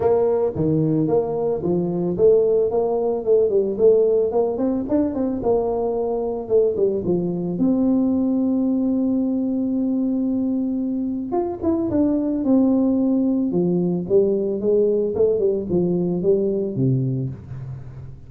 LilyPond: \new Staff \with { instrumentName = "tuba" } { \time 4/4 \tempo 4 = 111 ais4 dis4 ais4 f4 | a4 ais4 a8 g8 a4 | ais8 c'8 d'8 c'8 ais2 | a8 g8 f4 c'2~ |
c'1~ | c'4 f'8 e'8 d'4 c'4~ | c'4 f4 g4 gis4 | a8 g8 f4 g4 c4 | }